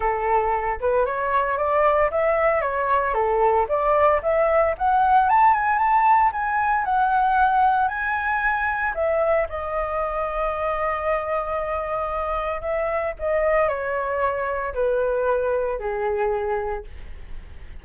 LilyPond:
\new Staff \with { instrumentName = "flute" } { \time 4/4 \tempo 4 = 114 a'4. b'8 cis''4 d''4 | e''4 cis''4 a'4 d''4 | e''4 fis''4 a''8 gis''8 a''4 | gis''4 fis''2 gis''4~ |
gis''4 e''4 dis''2~ | dis''1 | e''4 dis''4 cis''2 | b'2 gis'2 | }